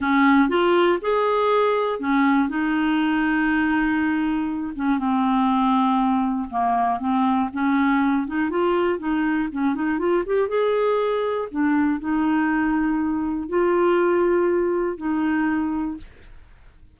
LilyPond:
\new Staff \with { instrumentName = "clarinet" } { \time 4/4 \tempo 4 = 120 cis'4 f'4 gis'2 | cis'4 dis'2.~ | dis'4. cis'8 c'2~ | c'4 ais4 c'4 cis'4~ |
cis'8 dis'8 f'4 dis'4 cis'8 dis'8 | f'8 g'8 gis'2 d'4 | dis'2. f'4~ | f'2 dis'2 | }